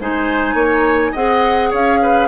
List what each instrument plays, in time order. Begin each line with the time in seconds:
0.00 bassoon G#3, clarinet D#4, oboe C5, flute G#5
0.54 bassoon A#3, oboe C#5
1.12 bassoon C4, clarinet G#4, oboe D#5, flute F#5
1.70 bassoon C#4, oboe C#5, flute F5
2.02 oboe B4